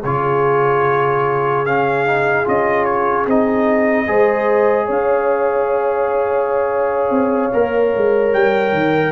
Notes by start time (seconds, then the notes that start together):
0.00 C#3 F4 G#4 C#5
1.65 C#4 F5
2.06 D#4
2.44 C#4 F4 D#5
2.85 C#5
3.26 C4 D#4 D#5
4.07 G#3 G#4 C5
4.86 C#4 C#5 F5
7.10 C4
7.53 A#3 A#4
7.96 G#3
8.33 G3 G5
8.72 D#3